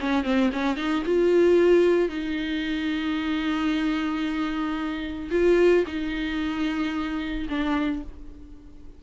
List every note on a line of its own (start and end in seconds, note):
0.00 0.23 C#4
0.23 0.50 C4
0.52 0.76 C#4
0.76 1.03 D#4
1.05 2.09 F4
2.09 5.30 D#4
5.31 5.84 F4
5.87 7.48 D#4
7.49 8.03 D4